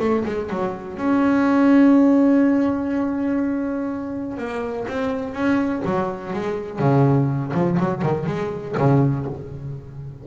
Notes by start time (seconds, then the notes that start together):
0.00 A3
0.26 G#3
0.50 F#3
0.97 C#4
4.38 A#3
4.88 C4
5.34 C#4
5.85 F#3
6.34 G#3
6.80 C#3
7.54 F3
7.80 F#3
8.02 D#3
8.27 G#3
8.78 C#3